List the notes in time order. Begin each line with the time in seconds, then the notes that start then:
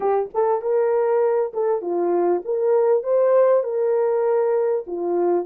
0.00 G4
0.34 A4
0.61 A#4
1.53 A4
1.81 F4
2.45 A#4
3.03 C5
3.63 A#4
4.86 F4